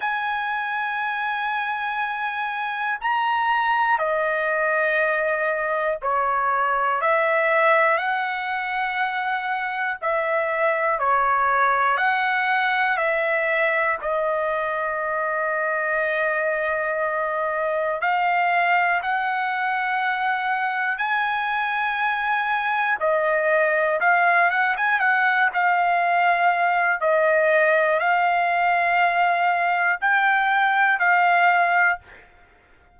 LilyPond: \new Staff \with { instrumentName = "trumpet" } { \time 4/4 \tempo 4 = 60 gis''2. ais''4 | dis''2 cis''4 e''4 | fis''2 e''4 cis''4 | fis''4 e''4 dis''2~ |
dis''2 f''4 fis''4~ | fis''4 gis''2 dis''4 | f''8 fis''16 gis''16 fis''8 f''4. dis''4 | f''2 g''4 f''4 | }